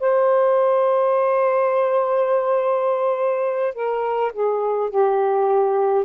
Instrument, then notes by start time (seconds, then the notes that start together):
saxophone
0.00 C5
3.74 A#4
4.33 G#4
4.90 G4